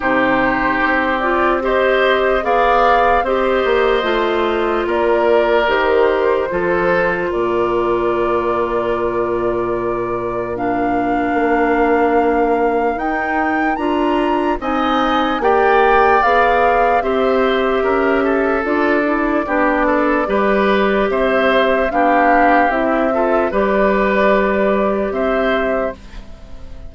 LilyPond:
<<
  \new Staff \with { instrumentName = "flute" } { \time 4/4 \tempo 4 = 74 c''4. d''8 dis''4 f''4 | dis''2 d''4 c''4~ | c''4 d''2.~ | d''4 f''2. |
g''4 ais''4 gis''4 g''4 | f''4 e''2 d''4~ | d''2 e''4 f''4 | e''4 d''2 e''4 | }
  \new Staff \with { instrumentName = "oboe" } { \time 4/4 g'2 c''4 d''4 | c''2 ais'2 | a'4 ais'2.~ | ais'1~ |
ais'2 dis''4 d''4~ | d''4 c''4 ais'8 a'4. | g'8 a'8 b'4 c''4 g'4~ | g'8 a'8 b'2 c''4 | }
  \new Staff \with { instrumentName = "clarinet" } { \time 4/4 dis'4. f'8 g'4 gis'4 | g'4 f'2 g'4 | f'1~ | f'4 d'2. |
dis'4 f'4 dis'4 g'4 | gis'4 g'2 f'8 e'8 | d'4 g'2 d'4 | e'8 f'8 g'2. | }
  \new Staff \with { instrumentName = "bassoon" } { \time 4/4 c4 c'2 b4 | c'8 ais8 a4 ais4 dis4 | f4 ais,2.~ | ais,2 ais2 |
dis'4 d'4 c'4 ais4 | b4 c'4 cis'4 d'4 | b4 g4 c'4 b4 | c'4 g2 c'4 | }
>>